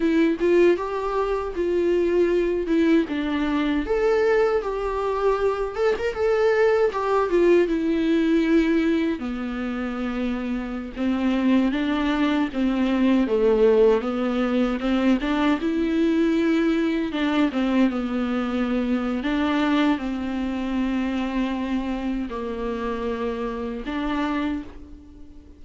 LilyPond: \new Staff \with { instrumentName = "viola" } { \time 4/4 \tempo 4 = 78 e'8 f'8 g'4 f'4. e'8 | d'4 a'4 g'4. a'16 ais'16 | a'4 g'8 f'8 e'2 | b2~ b16 c'4 d'8.~ |
d'16 c'4 a4 b4 c'8 d'16~ | d'16 e'2 d'8 c'8 b8.~ | b4 d'4 c'2~ | c'4 ais2 d'4 | }